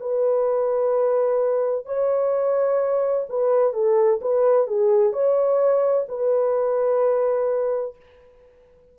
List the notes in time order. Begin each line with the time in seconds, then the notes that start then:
0.00 B4
1.86 C#5
3.29 B4
3.73 A4
4.21 B4
4.67 G#4
5.13 C#5
6.09 B4